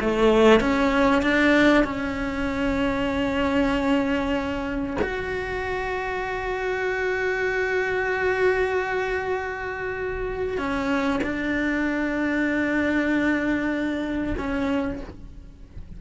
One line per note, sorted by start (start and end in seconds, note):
0.00 0.60 A3
0.60 1.22 C#4
1.22 1.84 D4
1.84 4.97 C#4
5.01 10.58 F#4
10.58 11.20 C#4
11.23 14.36 D4
14.38 15.00 C#4